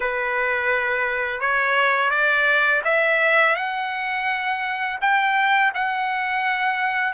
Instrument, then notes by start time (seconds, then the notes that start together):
trumpet
0.00 B4
1.40 C#5
2.10 D5
2.84 E5
3.55 F#5
5.01 G5
5.74 F#5